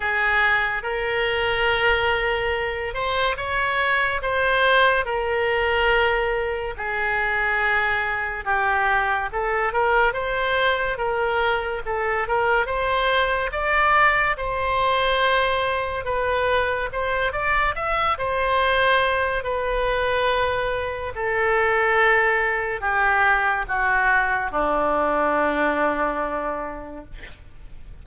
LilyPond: \new Staff \with { instrumentName = "oboe" } { \time 4/4 \tempo 4 = 71 gis'4 ais'2~ ais'8 c''8 | cis''4 c''4 ais'2 | gis'2 g'4 a'8 ais'8 | c''4 ais'4 a'8 ais'8 c''4 |
d''4 c''2 b'4 | c''8 d''8 e''8 c''4. b'4~ | b'4 a'2 g'4 | fis'4 d'2. | }